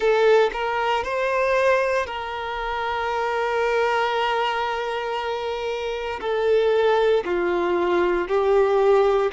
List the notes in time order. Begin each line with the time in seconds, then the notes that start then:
0.00 A4
0.52 A#4
1.03 C5
2.06 A#4
6.20 A4
7.25 F4
8.28 G4